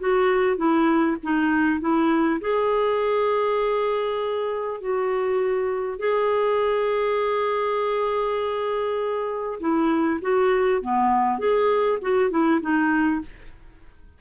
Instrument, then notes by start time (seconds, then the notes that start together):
clarinet
0.00 F#4
0.57 E4
1.24 D#4
1.81 E4
2.41 G#4
4.81 F#4
5.99 G#4
9.61 E4
10.22 F#4
10.82 B3
11.39 G#4
12.02 F#4
12.31 E4
12.62 D#4